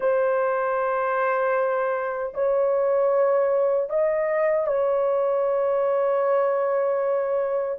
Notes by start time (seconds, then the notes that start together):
0.00 C5
2.34 C#5
3.89 D#5
4.66 C#5